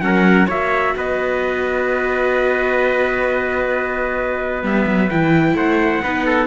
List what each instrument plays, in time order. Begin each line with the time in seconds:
0.00 cello F#3, viola C#4, trumpet A#4 F#5
0.46 cello A#3, viola F#4, trumpet C#5 E5
0.95 cello B3, trumpet B4 D#5
4.62 cello G3, viola B3, trumpet E5
4.86 cello F#3
5.09 cello E3, viola E4, trumpet G5
5.54 cello A3, trumpet C5 F#5
6.02 cello B3, viola D#4, trumpet B4
6.25 trumpet A4